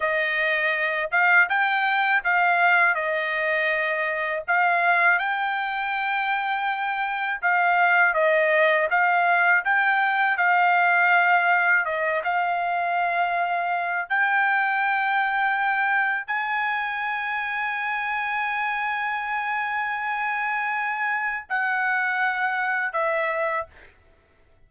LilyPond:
\new Staff \with { instrumentName = "trumpet" } { \time 4/4 \tempo 4 = 81 dis''4. f''8 g''4 f''4 | dis''2 f''4 g''4~ | g''2 f''4 dis''4 | f''4 g''4 f''2 |
dis''8 f''2~ f''8 g''4~ | g''2 gis''2~ | gis''1~ | gis''4 fis''2 e''4 | }